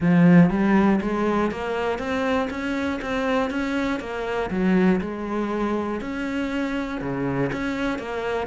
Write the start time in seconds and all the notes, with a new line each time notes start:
0.00 F3
0.50 G3
1.01 G#3
1.51 A#3
1.99 C4
2.50 C#4
3.01 C4
3.50 C#4
4.00 A#3
4.50 F#3
5.00 G#3
6.00 C#4
7.00 C#3
7.52 C#4
7.99 A#3